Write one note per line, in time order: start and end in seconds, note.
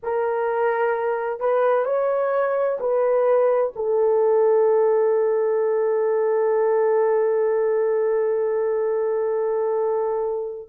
0.02 1.40 A#4
1.40 1.85 B4
1.85 2.78 C#5
2.80 3.73 B4
3.75 10.69 A4